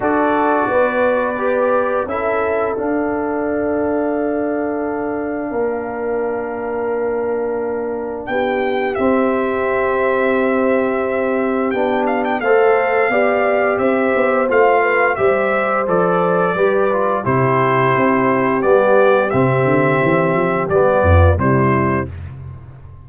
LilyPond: <<
  \new Staff \with { instrumentName = "trumpet" } { \time 4/4 \tempo 4 = 87 d''2. e''4 | f''1~ | f''1 | g''4 e''2.~ |
e''4 g''8 f''16 g''16 f''2 | e''4 f''4 e''4 d''4~ | d''4 c''2 d''4 | e''2 d''4 c''4 | }
  \new Staff \with { instrumentName = "horn" } { \time 4/4 a'4 b'2 a'4~ | a'1 | ais'1 | g'1~ |
g'2 c''4 d''4 | c''4. b'8 c''2 | b'4 g'2.~ | g'2~ g'8 f'8 e'4 | }
  \new Staff \with { instrumentName = "trombone" } { \time 4/4 fis'2 g'4 e'4 | d'1~ | d'1~ | d'4 c'2.~ |
c'4 d'4 a'4 g'4~ | g'4 f'4 g'4 a'4 | g'8 f'8 e'2 b4 | c'2 b4 g4 | }
  \new Staff \with { instrumentName = "tuba" } { \time 4/4 d'4 b2 cis'4 | d'1 | ais1 | b4 c'2.~ |
c'4 b4 a4 b4 | c'8 b8 a4 g4 f4 | g4 c4 c'4 g4 | c8 d8 e8 f8 g8 f,8 c4 | }
>>